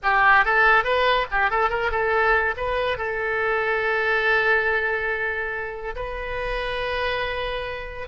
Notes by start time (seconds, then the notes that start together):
0.03 G4
0.44 A4
0.84 B4
1.31 G4
1.50 A4
1.69 A#4
1.91 A4
2.56 B4
2.97 A4
5.95 B4